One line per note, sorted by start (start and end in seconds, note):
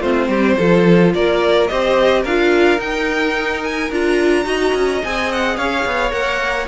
0.00 0.28 A3
0.00 0.58 C4
0.00 0.28 F4
0.00 1.13 C5
0.28 0.56 G3
0.28 0.57 G4
0.58 1.15 F3
0.58 1.69 F4
0.58 1.14 A4
1.14 1.70 A#3
1.14 1.71 A#4
1.14 1.68 D5
1.68 2.25 C4
1.68 2.26 G4
1.68 2.22 C5
1.68 2.23 D#5
2.22 2.79 D4
2.22 4.44 A#4
2.22 2.80 F5
2.28 2.78 F4
2.78 3.89 D#4
2.78 3.90 D#4
2.78 3.64 G5
3.64 3.92 G#5
3.91 4.45 D4
3.91 4.45 F4
3.91 5.04 A#5
4.45 4.73 D#4
4.45 5.00 F#4
4.45 5.58 D#5
4.74 5.02 C#4
5.04 5.57 C4
5.04 6.11 G#4
5.04 5.32 G#5
5.32 5.57 F#5
5.57 5.85 C#4
5.57 6.68 C#5
5.57 6.12 F5
5.86 6.12 B3
6.11 6.67 A#3
6.11 6.67 A#4
6.11 6.68 F#5